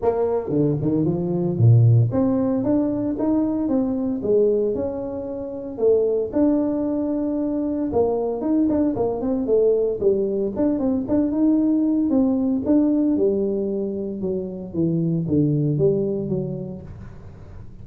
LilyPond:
\new Staff \with { instrumentName = "tuba" } { \time 4/4 \tempo 4 = 114 ais4 d8 dis8 f4 ais,4 | c'4 d'4 dis'4 c'4 | gis4 cis'2 a4 | d'2. ais4 |
dis'8 d'8 ais8 c'8 a4 g4 | d'8 c'8 d'8 dis'4. c'4 | d'4 g2 fis4 | e4 d4 g4 fis4 | }